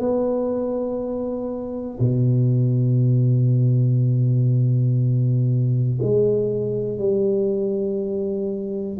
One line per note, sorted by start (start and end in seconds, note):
0.00 2.00 B3
2.00 6.00 B2
6.03 6.99 G#3
6.99 8.99 G3